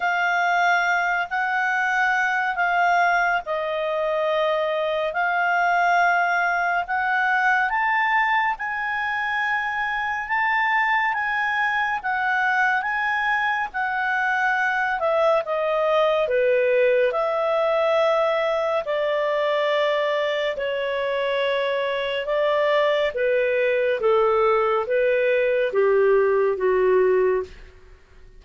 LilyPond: \new Staff \with { instrumentName = "clarinet" } { \time 4/4 \tempo 4 = 70 f''4. fis''4. f''4 | dis''2 f''2 | fis''4 a''4 gis''2 | a''4 gis''4 fis''4 gis''4 |
fis''4. e''8 dis''4 b'4 | e''2 d''2 | cis''2 d''4 b'4 | a'4 b'4 g'4 fis'4 | }